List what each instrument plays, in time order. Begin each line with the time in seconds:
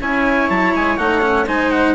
0.00 bassoon C#4, cello E4, viola C#5, trumpet G#5
0.49 bassoon F#3, trumpet A5
0.74 bassoon G#3, trumpet G#5
0.97 bassoon A3, cello D#4, trumpet F#5
1.21 cello C#4
1.46 bassoon G#3, cello D#4, viola C5, trumpet G#5
1.71 trumpet F#5